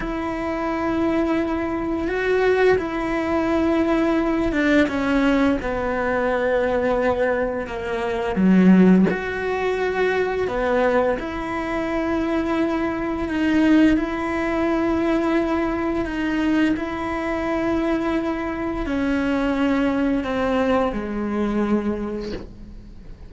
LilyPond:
\new Staff \with { instrumentName = "cello" } { \time 4/4 \tempo 4 = 86 e'2. fis'4 | e'2~ e'8 d'8 cis'4 | b2. ais4 | fis4 fis'2 b4 |
e'2. dis'4 | e'2. dis'4 | e'2. cis'4~ | cis'4 c'4 gis2 | }